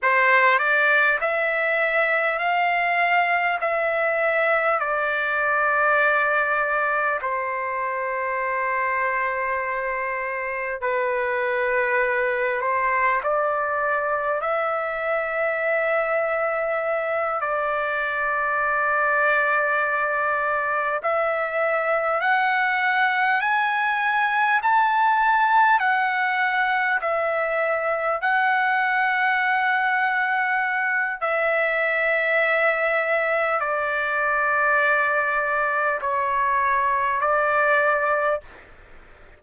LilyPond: \new Staff \with { instrumentName = "trumpet" } { \time 4/4 \tempo 4 = 50 c''8 d''8 e''4 f''4 e''4 | d''2 c''2~ | c''4 b'4. c''8 d''4 | e''2~ e''8 d''4.~ |
d''4. e''4 fis''4 gis''8~ | gis''8 a''4 fis''4 e''4 fis''8~ | fis''2 e''2 | d''2 cis''4 d''4 | }